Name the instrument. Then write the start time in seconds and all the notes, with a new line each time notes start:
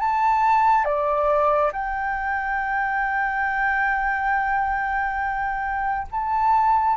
flute
0.00 A5
0.85 D5
1.73 G5
6.11 A5